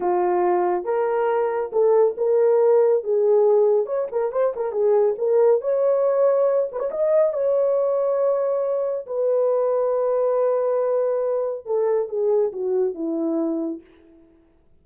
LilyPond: \new Staff \with { instrumentName = "horn" } { \time 4/4 \tempo 4 = 139 f'2 ais'2 | a'4 ais'2 gis'4~ | gis'4 cis''8 ais'8 c''8 ais'8 gis'4 | ais'4 cis''2~ cis''8 b'16 cis''16 |
dis''4 cis''2.~ | cis''4 b'2.~ | b'2. a'4 | gis'4 fis'4 e'2 | }